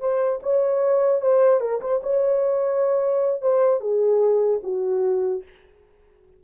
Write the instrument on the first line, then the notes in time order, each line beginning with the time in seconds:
horn
0.00 C5
0.43 C#5
1.21 C5
1.60 A#4
1.81 C5
2.03 C#5
3.41 C5
3.80 G#4
4.63 F#4